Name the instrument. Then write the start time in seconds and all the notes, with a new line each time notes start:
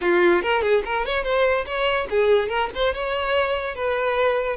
violin
0.01 F4
0.42 A#4
0.62 G#4
0.85 A#4
1.05 C#5
1.23 C5
1.66 C#5
2.09 G#4
2.48 A#4
2.74 C5
2.94 C#5
3.75 B4